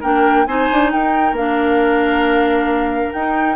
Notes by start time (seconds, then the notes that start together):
0.00 A#3 D4 A#4 G5
0.46 C4 D#4 C5 G#5
0.72 D4
0.91 D#4 A#4 G5
1.32 A#3 D4 F5
3.12 D#4 G5